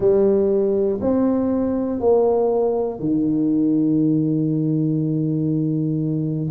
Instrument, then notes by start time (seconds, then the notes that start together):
tuba
0.00 G3
1.01 C4
2.00 A#3
2.99 D#3